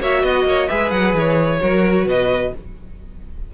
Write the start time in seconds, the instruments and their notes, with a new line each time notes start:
0.00 cello A#3, viola F#4, violin C#5 E5
0.22 cello B3, violin D#5
0.45 cello A#3, violin C#5
0.68 cello G#3, viola G#4, violin B4 E5
0.90 cello F#3, violin F#5
1.14 cello E3, violin C#5
1.60 cello F#3, viola F#4, violin A#4
2.06 cello B2, violin B4 D#5